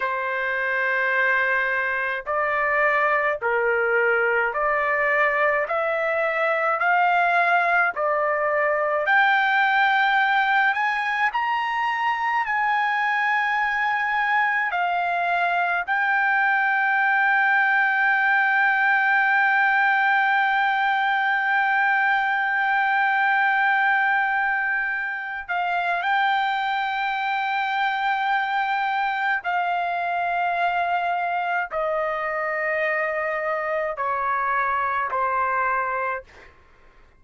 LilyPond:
\new Staff \with { instrumentName = "trumpet" } { \time 4/4 \tempo 4 = 53 c''2 d''4 ais'4 | d''4 e''4 f''4 d''4 | g''4. gis''8 ais''4 gis''4~ | gis''4 f''4 g''2~ |
g''1~ | g''2~ g''8 f''8 g''4~ | g''2 f''2 | dis''2 cis''4 c''4 | }